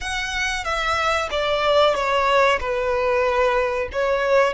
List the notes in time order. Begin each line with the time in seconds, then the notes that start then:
0.00 F#5
0.64 E5
1.30 D5
1.94 C#5
2.60 B4
3.92 C#5